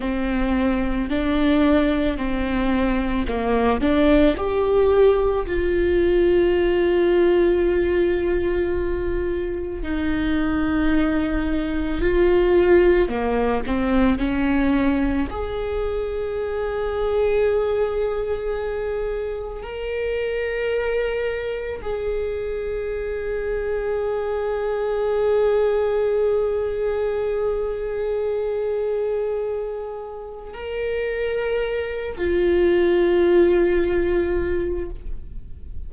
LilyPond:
\new Staff \with { instrumentName = "viola" } { \time 4/4 \tempo 4 = 55 c'4 d'4 c'4 ais8 d'8 | g'4 f'2.~ | f'4 dis'2 f'4 | ais8 c'8 cis'4 gis'2~ |
gis'2 ais'2 | gis'1~ | gis'1 | ais'4. f'2~ f'8 | }